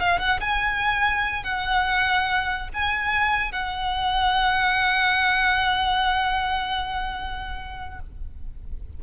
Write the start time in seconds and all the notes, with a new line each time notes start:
0.00 F5
0.20 F#5
0.41 G#5
1.44 F#5
2.74 G#5
3.52 F#5